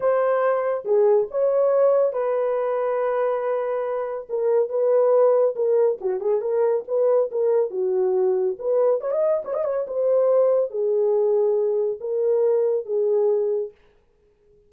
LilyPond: \new Staff \with { instrumentName = "horn" } { \time 4/4 \tempo 4 = 140 c''2 gis'4 cis''4~ | cis''4 b'2.~ | b'2 ais'4 b'4~ | b'4 ais'4 fis'8 gis'8 ais'4 |
b'4 ais'4 fis'2 | b'4 cis''16 dis''8. cis''16 dis''16 cis''8 c''4~ | c''4 gis'2. | ais'2 gis'2 | }